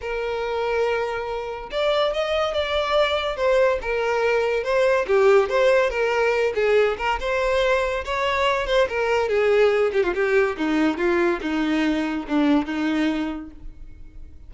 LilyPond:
\new Staff \with { instrumentName = "violin" } { \time 4/4 \tempo 4 = 142 ais'1 | d''4 dis''4 d''2 | c''4 ais'2 c''4 | g'4 c''4 ais'4. gis'8~ |
gis'8 ais'8 c''2 cis''4~ | cis''8 c''8 ais'4 gis'4. g'16 f'16 | g'4 dis'4 f'4 dis'4~ | dis'4 d'4 dis'2 | }